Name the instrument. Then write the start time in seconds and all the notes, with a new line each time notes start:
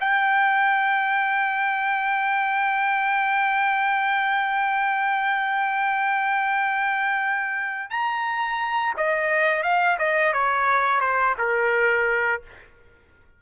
trumpet
0.00 G5
7.90 A#5
8.97 D#5
9.63 F5
9.99 D#5
10.33 C#5
11.00 C5
11.38 A#4